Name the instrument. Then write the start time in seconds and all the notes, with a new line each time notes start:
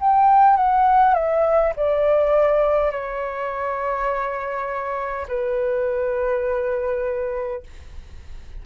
flute
0.00 G5
0.57 F#5
1.14 E5
1.76 D5
2.91 C#5
5.28 B4